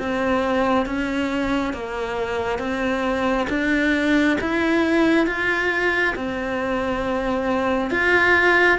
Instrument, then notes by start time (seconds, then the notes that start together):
cello
0.00 C4
0.86 C#4
1.74 A#3
2.59 C4
3.50 D4
4.41 E4
5.27 F4
6.16 C4
7.91 F4